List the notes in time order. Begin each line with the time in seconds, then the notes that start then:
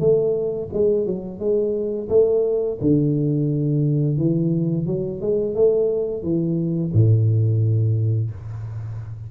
0.00 A3
0.73 G#3
1.06 F#3
1.39 G#3
2.09 A3
2.81 D3
4.18 E3
4.87 F#3
5.21 G#3
5.55 A3
6.23 E3
6.93 A2